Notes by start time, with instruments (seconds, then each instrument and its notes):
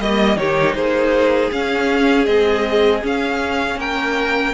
0.00 cello G3, viola A#3, violin D#5
0.36 cello D#3, viola D#4, violin G4 C#5
0.75 cello A#3, violin G#4 C5
1.52 viola C#4, cello C#4, violin F5
2.25 viola G#3, cello C4, violin D#5
3.02 viola C#4, cello C#4, violin F5
3.76 cello A#3, violin A#4 G5